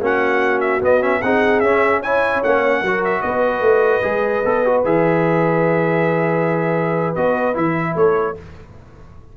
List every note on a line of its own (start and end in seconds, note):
0.00 0.81 A#3
0.00 0.81 C#4
0.00 1.21 F#4
0.00 0.60 F#5
0.60 0.80 E5
0.81 1.21 B3
0.81 1.01 B3
0.81 1.02 D#5
1.01 1.21 C#4
1.01 1.22 E5
1.21 1.61 C4
1.21 1.64 D#4
1.21 2.01 G#4
1.21 1.60 F#5
1.60 2.41 C#4
1.60 2.04 C#4
1.60 2.00 E5
2.01 2.44 E4
2.01 2.81 C#5
2.01 2.42 G#5
2.43 2.82 A#3
2.43 2.85 C#4
2.43 3.03 F#5
2.82 3.22 F#3
2.82 4.02 F#4
2.82 3.22 A#4
3.04 3.21 E5
3.21 3.60 B3
3.21 7.96 B4
3.21 4.82 D#5
3.60 4.01 A3
4.02 4.44 G#3
4.02 4.43 G#4
4.44 4.84 B3
4.44 4.65 A4
4.65 4.84 F#4
4.84 7.16 E3
4.84 7.15 G#4
4.84 7.15 E5
7.15 7.56 B3
7.15 7.54 F#4
7.15 7.55 D#5
7.54 7.95 E3
7.54 8.34 E4
7.54 7.96 E5
7.95 8.35 A3
7.95 8.36 A4
7.95 8.37 C#5